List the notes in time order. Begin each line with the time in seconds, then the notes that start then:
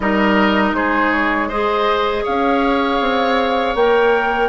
0.00 G3 D#4 A#4 D#5
0.72 G#3 G#4 C5
1.12 C#5
1.48 G#4 C5 D#5
2.23 C#4 C#5 F5
3.00 C4
3.74 A#3 A#4 G5